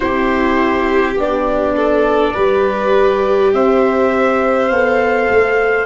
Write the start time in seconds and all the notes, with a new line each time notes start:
0.00 C4 E4 G4 C5
1.16 B3 D4 D5
1.76 A4
2.33 G3 G4 B4
3.53 C4 C5 E5
4.68 B3 A4 F5
5.29 A3